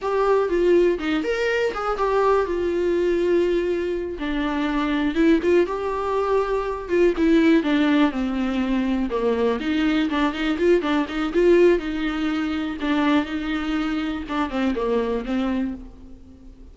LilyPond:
\new Staff \with { instrumentName = "viola" } { \time 4/4 \tempo 4 = 122 g'4 f'4 dis'8 ais'4 gis'8 | g'4 f'2.~ | f'8 d'2 e'8 f'8 g'8~ | g'2 f'8 e'4 d'8~ |
d'8 c'2 ais4 dis'8~ | dis'8 d'8 dis'8 f'8 d'8 dis'8 f'4 | dis'2 d'4 dis'4~ | dis'4 d'8 c'8 ais4 c'4 | }